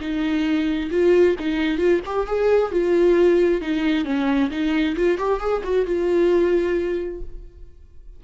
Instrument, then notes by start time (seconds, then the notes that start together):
viola
0.00 D#4
0.91 F4
1.39 D#4
1.78 F4
2.06 G4
2.27 G#4
2.71 F4
3.61 D#4
4.05 C#4
4.51 D#4
4.96 F4
5.18 G4
5.40 G#4
5.64 F#4
5.86 F4